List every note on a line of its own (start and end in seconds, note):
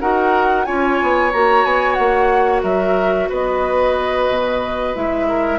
0.00 0.67 D#4
0.00 0.66 F#4
0.00 0.66 A#4
0.00 0.65 F#5
0.65 1.01 C#4
0.65 1.32 F4
0.65 2.63 C#5
0.65 1.31 G#5
1.02 1.33 B3
1.33 1.65 A#3
1.33 4.95 F#4
1.33 1.65 A#5
1.65 1.98 B3
1.65 1.94 G#5
1.94 2.63 A#3
1.94 2.60 F#5
2.63 3.29 F#3
2.63 3.29 A#4
2.63 3.30 E5
3.29 4.29 B3
3.29 5.27 B4
3.29 4.96 D#5
4.29 4.95 B2
4.95 5.59 G#3
4.95 5.59 E4
4.95 5.59 E5
5.29 5.59 A#4